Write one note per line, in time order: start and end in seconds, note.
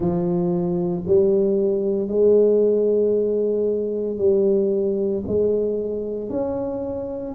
0.00 1.03 F3
1.07 2.08 G3
2.08 4.18 G#3
4.18 5.23 G3
5.27 6.29 G#3
6.29 7.34 C#4